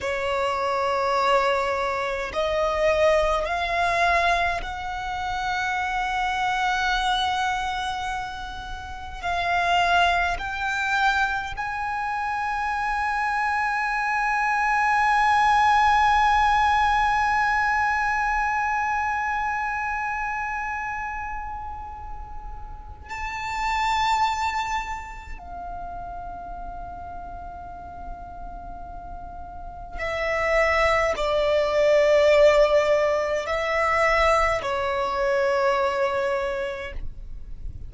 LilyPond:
\new Staff \with { instrumentName = "violin" } { \time 4/4 \tempo 4 = 52 cis''2 dis''4 f''4 | fis''1 | f''4 g''4 gis''2~ | gis''1~ |
gis''1 | a''2 f''2~ | f''2 e''4 d''4~ | d''4 e''4 cis''2 | }